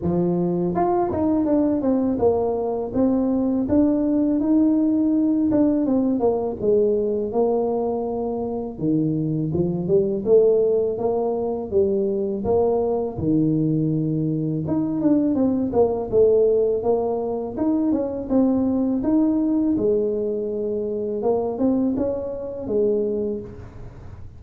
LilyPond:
\new Staff \with { instrumentName = "tuba" } { \time 4/4 \tempo 4 = 82 f4 f'8 dis'8 d'8 c'8 ais4 | c'4 d'4 dis'4. d'8 | c'8 ais8 gis4 ais2 | dis4 f8 g8 a4 ais4 |
g4 ais4 dis2 | dis'8 d'8 c'8 ais8 a4 ais4 | dis'8 cis'8 c'4 dis'4 gis4~ | gis4 ais8 c'8 cis'4 gis4 | }